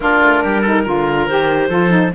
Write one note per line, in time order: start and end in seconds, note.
0.00 0.20 A#3
0.00 0.65 D4
0.00 0.43 F4
0.00 1.26 A#4
0.21 0.43 A3
0.43 0.86 G3
0.43 0.61 G4
0.61 0.85 D#4
0.61 0.82 A4
0.84 1.28 D3
0.84 1.28 F4
0.84 1.68 A#4
1.26 1.69 D#3
1.26 1.69 G4
1.26 2.12 C5
1.68 2.11 F3
1.68 1.89 F4
1.68 2.11 A4
1.89 2.10 D#4